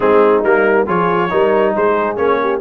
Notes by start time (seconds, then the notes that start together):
0.00 G#3 C4 D#4 G#4
0.43 G3 A#3 A#4
0.85 F3 F4 G#4 C#5
1.29 G3 D#4 A#4
1.75 G#3 G#4 C5
2.16 A#3 C#4 C#5
2.41 G4